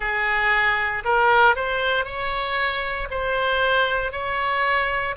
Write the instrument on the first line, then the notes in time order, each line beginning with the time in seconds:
oboe
0.00 G#4
1.04 A#4
1.55 C5
2.05 C#5
3.10 C5
4.11 C#5